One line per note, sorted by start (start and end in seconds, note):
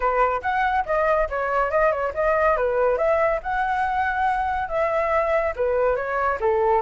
0.00 0.41 B4
0.42 0.84 F#5
0.85 1.28 D#5
1.29 1.70 C#5
1.70 1.91 D#5
1.91 2.13 C#5
2.14 2.56 D#5
2.56 2.97 B4
2.97 3.40 E5
3.42 4.68 F#5
4.68 5.53 E5
5.56 5.96 B4
5.96 6.38 C#5
6.40 6.82 A4